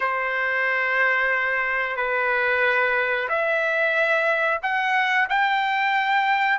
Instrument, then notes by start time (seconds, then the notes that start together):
trumpet
0.00 C5
1.96 B4
3.28 E5
4.62 F#5
5.29 G5